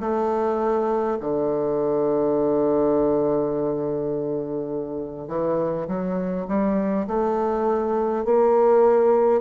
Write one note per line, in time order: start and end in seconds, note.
0.00 1.18 A3
1.20 5.28 D3
5.28 5.87 E3
5.88 6.47 F#3
6.48 7.07 G3
7.07 8.25 A3
8.25 9.41 A#3